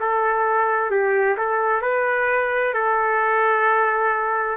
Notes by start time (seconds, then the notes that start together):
0.00 A4
0.91 G4
1.38 A4
1.82 B4
2.74 A4